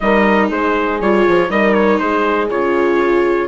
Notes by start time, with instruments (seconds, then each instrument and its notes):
0.00 bassoon G3, viola D#4, horn A#4, trumpet D#5
0.48 bassoon G#3, horn G#4, trumpet C5
1.00 bassoon G3, viola F4, trumpet C#5
1.28 bassoon F3
1.49 bassoon G3, viola D#4, horn A#4, trumpet D#5
1.73 trumpet C#5
1.98 bassoon G#3, horn G#4, trumpet C5
2.50 bassoon C#3, viola F4, trumpet C#5